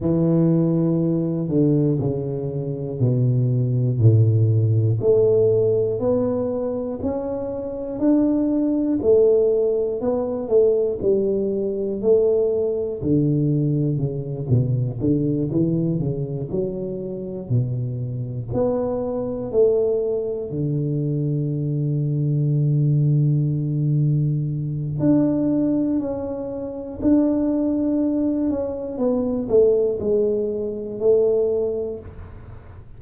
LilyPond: \new Staff \with { instrumentName = "tuba" } { \time 4/4 \tempo 4 = 60 e4. d8 cis4 b,4 | a,4 a4 b4 cis'4 | d'4 a4 b8 a8 g4 | a4 d4 cis8 b,8 d8 e8 |
cis8 fis4 b,4 b4 a8~ | a8 d2.~ d8~ | d4 d'4 cis'4 d'4~ | d'8 cis'8 b8 a8 gis4 a4 | }